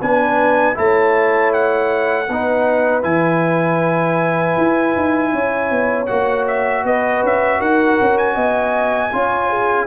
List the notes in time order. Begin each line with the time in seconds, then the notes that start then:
0.00 B3 D4 B4 G#5
0.74 A3 E4 C#5 A5
1.53 F#5
2.28 B3 D#4 B4
3.02 E3 E4 G#5
4.57 E4
4.96 D#4
5.32 C#4 C#5
5.70 B3
6.06 A#3 F#4 F#5
6.47 E5
6.84 B3 B4 D#5
7.23 C#4 E5
7.58 D#4 A#4 F#5
8.00 C#4
8.17 G#5
8.34 B3 D#5
9.12 C#4 F4 C#5
9.50 G#4